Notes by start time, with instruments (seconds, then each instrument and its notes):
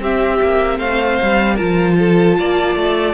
0.00 cello C4, viola C4, violin G4 E5
0.42 cello A#3
0.78 cello A3, violin C5 F5
1.22 cello G3
1.55 viola F4, violin A#4 A5
1.61 cello F3
1.99 violin A4
2.38 cello A#3, violin D5
2.76 cello A3